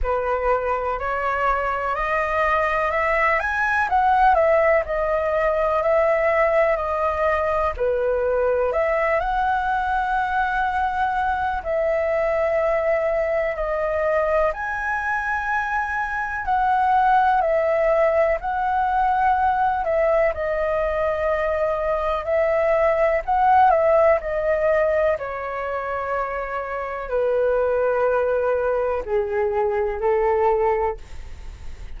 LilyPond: \new Staff \with { instrumentName = "flute" } { \time 4/4 \tempo 4 = 62 b'4 cis''4 dis''4 e''8 gis''8 | fis''8 e''8 dis''4 e''4 dis''4 | b'4 e''8 fis''2~ fis''8 | e''2 dis''4 gis''4~ |
gis''4 fis''4 e''4 fis''4~ | fis''8 e''8 dis''2 e''4 | fis''8 e''8 dis''4 cis''2 | b'2 gis'4 a'4 | }